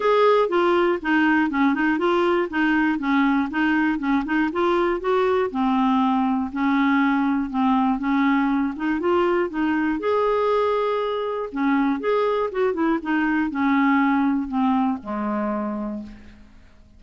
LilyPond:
\new Staff \with { instrumentName = "clarinet" } { \time 4/4 \tempo 4 = 120 gis'4 f'4 dis'4 cis'8 dis'8 | f'4 dis'4 cis'4 dis'4 | cis'8 dis'8 f'4 fis'4 c'4~ | c'4 cis'2 c'4 |
cis'4. dis'8 f'4 dis'4 | gis'2. cis'4 | gis'4 fis'8 e'8 dis'4 cis'4~ | cis'4 c'4 gis2 | }